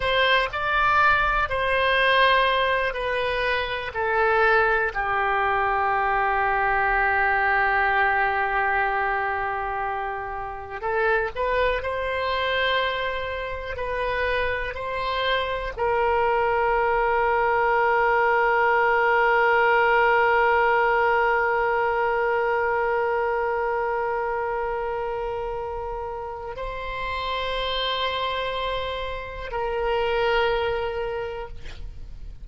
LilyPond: \new Staff \with { instrumentName = "oboe" } { \time 4/4 \tempo 4 = 61 c''8 d''4 c''4. b'4 | a'4 g'2.~ | g'2. a'8 b'8 | c''2 b'4 c''4 |
ais'1~ | ais'1~ | ais'2. c''4~ | c''2 ais'2 | }